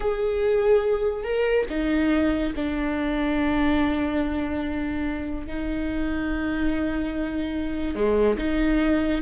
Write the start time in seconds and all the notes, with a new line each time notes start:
0.00 G#4
1.23 A#4
1.69 D#4
2.55 D4
5.46 D#4
7.95 G#3
8.37 D#4